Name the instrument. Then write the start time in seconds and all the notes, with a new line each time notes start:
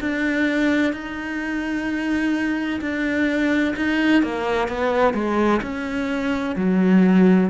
cello
0.00 D4
0.92 D#4
2.81 D4
3.76 D#4
4.22 A#3
4.68 B3
5.13 G#3
5.62 C#4
6.56 F#3